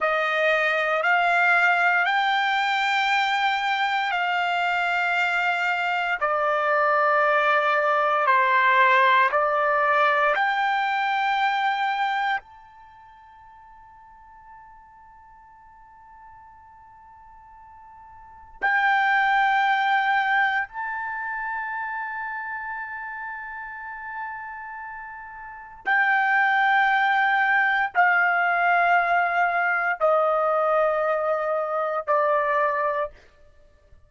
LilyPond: \new Staff \with { instrumentName = "trumpet" } { \time 4/4 \tempo 4 = 58 dis''4 f''4 g''2 | f''2 d''2 | c''4 d''4 g''2 | a''1~ |
a''2 g''2 | a''1~ | a''4 g''2 f''4~ | f''4 dis''2 d''4 | }